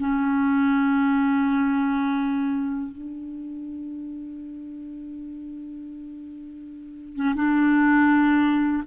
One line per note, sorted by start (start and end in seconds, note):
0.00 2.92 C#4
2.92 7.16 D4
7.16 7.35 C#4
7.35 8.84 D4